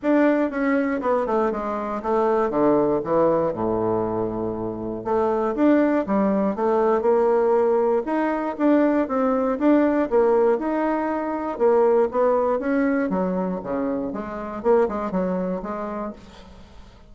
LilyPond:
\new Staff \with { instrumentName = "bassoon" } { \time 4/4 \tempo 4 = 119 d'4 cis'4 b8 a8 gis4 | a4 d4 e4 a,4~ | a,2 a4 d'4 | g4 a4 ais2 |
dis'4 d'4 c'4 d'4 | ais4 dis'2 ais4 | b4 cis'4 fis4 cis4 | gis4 ais8 gis8 fis4 gis4 | }